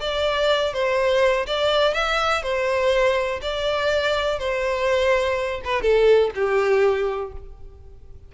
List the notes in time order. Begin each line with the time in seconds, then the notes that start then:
0.00 D5
0.73 C5
1.47 D5
1.94 E5
2.43 C5
3.42 D5
4.39 C5
5.65 B4
5.82 A4
6.35 G4